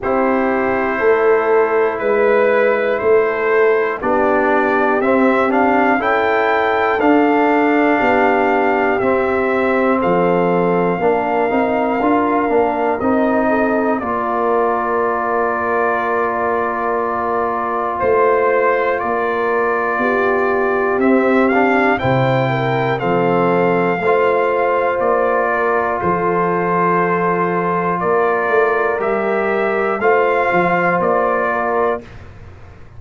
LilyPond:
<<
  \new Staff \with { instrumentName = "trumpet" } { \time 4/4 \tempo 4 = 60 c''2 b'4 c''4 | d''4 e''8 f''8 g''4 f''4~ | f''4 e''4 f''2~ | f''4 dis''4 d''2~ |
d''2 c''4 d''4~ | d''4 e''8 f''8 g''4 f''4~ | f''4 d''4 c''2 | d''4 e''4 f''4 d''4 | }
  \new Staff \with { instrumentName = "horn" } { \time 4/4 g'4 a'4 b'4 a'4 | g'2 a'2 | g'2 a'4 ais'4~ | ais'4. a'8 ais'2~ |
ais'2 c''4 ais'4 | g'2 c''8 ais'8 a'4 | c''4. ais'8 a'2 | ais'2 c''4. ais'8 | }
  \new Staff \with { instrumentName = "trombone" } { \time 4/4 e'1 | d'4 c'8 d'8 e'4 d'4~ | d'4 c'2 d'8 dis'8 | f'8 d'8 dis'4 f'2~ |
f'1~ | f'4 c'8 d'8 e'4 c'4 | f'1~ | f'4 g'4 f'2 | }
  \new Staff \with { instrumentName = "tuba" } { \time 4/4 c'4 a4 gis4 a4 | b4 c'4 cis'4 d'4 | b4 c'4 f4 ais8 c'8 | d'8 ais8 c'4 ais2~ |
ais2 a4 ais4 | b4 c'4 c4 f4 | a4 ais4 f2 | ais8 a8 g4 a8 f8 ais4 | }
>>